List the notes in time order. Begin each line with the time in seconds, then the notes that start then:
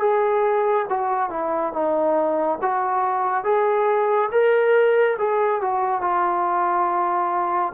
0.00 G#4
0.89 F#4
1.30 E4
1.72 D#4
2.61 F#4
3.44 G#4
4.31 A#4
5.18 G#4
5.61 F#4
6.01 F4